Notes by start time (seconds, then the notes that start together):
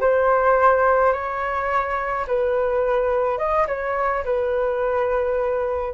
0.00 C5
1.13 C#5
2.27 B4
3.38 D#5
3.67 C#5
4.24 B4